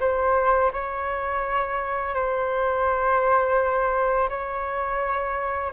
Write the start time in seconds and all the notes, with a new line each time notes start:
0.00 C5
0.73 C#5
2.14 C5
4.29 C#5